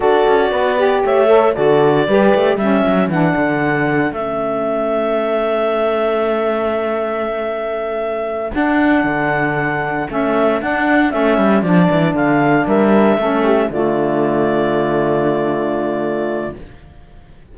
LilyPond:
<<
  \new Staff \with { instrumentName = "clarinet" } { \time 4/4 \tempo 4 = 116 d''2 e''4 d''4~ | d''4 e''4 fis''2 | e''1~ | e''1~ |
e''8 fis''2. e''8~ | e''8 fis''4 e''4 d''4 f''8~ | f''8 e''2 d''4.~ | d''1 | }
  \new Staff \with { instrumentName = "horn" } { \time 4/4 a'4 b'4 cis''4 a'4 | b'4 a'2.~ | a'1~ | a'1~ |
a'1~ | a'1~ | a'8 ais'4 a'8 g'8 f'4.~ | f'1 | }
  \new Staff \with { instrumentName = "saxophone" } { \time 4/4 fis'4. g'4 a'8 fis'4 | g'4 cis'4 d'2 | cis'1~ | cis'1~ |
cis'8 d'2. cis'8~ | cis'8 d'4 cis'4 d'4.~ | d'4. cis'4 a4.~ | a1 | }
  \new Staff \with { instrumentName = "cello" } { \time 4/4 d'8 cis'8 b4 a4 d4 | g8 a8 g8 fis8 e8 d4. | a1~ | a1~ |
a8 d'4 d2 a8~ | a8 d'4 a8 g8 f8 e8 d8~ | d8 g4 a4 d4.~ | d1 | }
>>